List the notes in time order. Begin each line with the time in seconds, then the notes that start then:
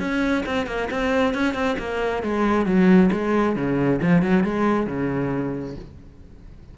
0.00 C#4
0.46 C4
0.67 A#3
0.91 C4
1.34 C#4
1.54 C4
1.79 A#3
2.23 G#3
2.66 F#3
3.12 G#3
3.56 C#3
4.02 F3
4.22 F#3
4.44 G#3
4.87 C#3